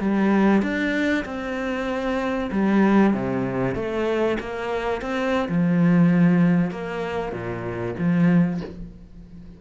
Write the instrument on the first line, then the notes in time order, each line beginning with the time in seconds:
cello
0.00 G3
0.62 D4
1.25 C4
2.52 G3
3.14 C3
3.75 A3
4.40 A#3
5.02 C4
5.49 F3
6.71 A#3
7.32 A#2
7.99 F3